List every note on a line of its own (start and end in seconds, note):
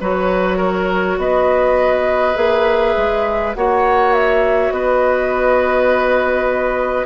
0.00 1.17 F#3
0.00 2.35 F#4
0.00 0.57 B4
0.00 1.19 C#5
0.57 1.16 A#4
1.17 2.35 B3
1.17 3.56 B4
1.17 2.36 D#5
2.35 2.95 A#3
2.35 3.52 G#4
2.35 3.54 E5
2.97 3.55 G#3
3.54 4.71 A#3
3.54 7.05 F#4
3.54 4.74 C#5
3.54 4.13 F#5
4.13 4.72 E5
4.71 7.05 B3
4.71 7.05 B4
4.71 7.05 D#5